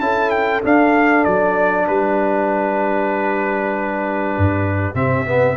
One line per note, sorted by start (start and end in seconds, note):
0.00 0.62 C#4
0.00 0.62 E4
0.00 1.87 A4
0.00 0.30 A5
0.30 0.61 G5
0.63 4.94 D4
0.63 1.26 D4
0.63 1.24 F5
1.24 1.88 F#3
1.24 1.86 D5
1.87 4.35 G3
1.87 5.57 G4
1.87 4.95 B4
4.37 4.95 G2
4.94 5.57 C3
4.94 5.25 C4
4.94 5.57 E5
5.26 5.56 B3